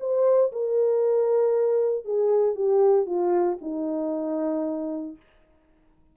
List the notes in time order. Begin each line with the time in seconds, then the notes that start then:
0.00 C5
0.52 A#4
2.05 G#4
2.55 G4
3.06 F4
3.61 D#4